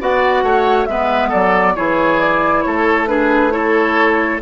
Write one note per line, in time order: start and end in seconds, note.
0.00 0.43 B3
0.00 0.89 F#4
0.00 0.44 D5
0.00 0.85 F#5
0.43 0.87 A3
0.43 0.88 C#5
0.85 1.32 G#3
0.85 1.76 B3
0.85 1.29 B4
0.85 1.30 E5
1.29 1.77 F#3
1.29 1.73 A4
1.29 1.76 D5
1.76 2.66 E3
1.76 3.07 E4
1.76 2.64 G#4
1.76 2.20 C#5
2.20 2.62 D5
2.62 4.42 A3
2.62 3.09 A4
2.62 3.06 C#5
3.07 3.51 D4
3.07 3.53 G#4
3.07 3.51 B4
3.51 4.39 E4
3.51 4.42 A4
3.51 4.40 C#5